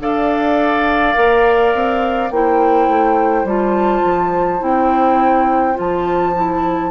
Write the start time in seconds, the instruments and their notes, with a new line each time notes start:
0.00 bassoon D4, clarinet A4, oboe D5, flute F5
1.14 bassoon A#3, clarinet A#4
1.74 bassoon C4
2.30 bassoon A#3, clarinet E4, oboe C5, flute G5
2.88 bassoon A3
3.44 bassoon G3, clarinet F4, flute A5
4.05 bassoon F3
4.60 bassoon C4, clarinet E4, flute G5
5.75 bassoon F3, clarinet F4, flute A5
6.36 clarinet E4